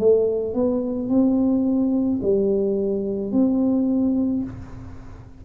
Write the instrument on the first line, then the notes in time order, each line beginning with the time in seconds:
tuba
0.00 A3
0.55 B3
1.09 C4
2.23 G3
3.32 C4